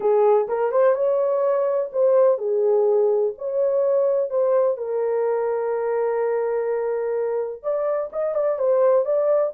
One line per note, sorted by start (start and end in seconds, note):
0.00 0.47 G#4
0.48 0.71 A#4
0.71 0.95 C5
0.95 1.90 C#5
1.92 2.38 C5
2.38 3.33 G#4
3.38 4.29 C#5
4.29 4.77 C5
4.77 7.62 A#4
7.62 8.10 D5
8.12 8.34 D#5
8.34 8.58 D5
8.58 9.05 C5
9.05 9.52 D5